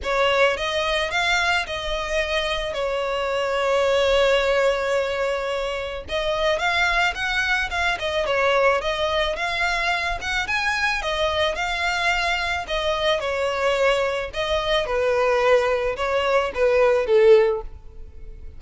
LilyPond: \new Staff \with { instrumentName = "violin" } { \time 4/4 \tempo 4 = 109 cis''4 dis''4 f''4 dis''4~ | dis''4 cis''2.~ | cis''2. dis''4 | f''4 fis''4 f''8 dis''8 cis''4 |
dis''4 f''4. fis''8 gis''4 | dis''4 f''2 dis''4 | cis''2 dis''4 b'4~ | b'4 cis''4 b'4 a'4 | }